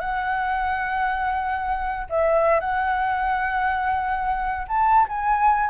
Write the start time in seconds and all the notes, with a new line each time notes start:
0.00 F#5
2.09 E5
2.60 F#5
4.68 A5
5.08 G#5